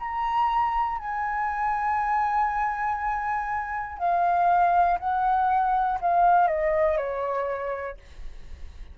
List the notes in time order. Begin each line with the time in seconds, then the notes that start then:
0.00 A#5
0.99 G#5
3.99 F5
4.99 F#5
6.01 F5
6.48 D#5
6.97 C#5